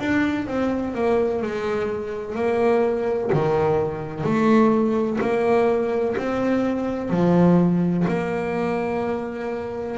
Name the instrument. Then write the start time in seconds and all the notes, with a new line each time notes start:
double bass
0.00 D4
0.47 C4
0.95 A#3
1.42 G#3
2.35 A#3
3.33 D#3
4.24 A3
5.21 A#3
6.17 C4
7.10 F3
8.08 A#3